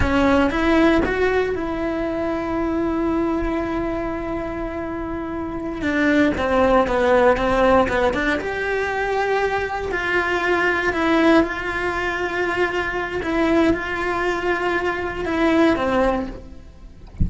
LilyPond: \new Staff \with { instrumentName = "cello" } { \time 4/4 \tempo 4 = 118 cis'4 e'4 fis'4 e'4~ | e'1~ | e'2.~ e'8 d'8~ | d'8 c'4 b4 c'4 b8 |
d'8 g'2. f'8~ | f'4. e'4 f'4.~ | f'2 e'4 f'4~ | f'2 e'4 c'4 | }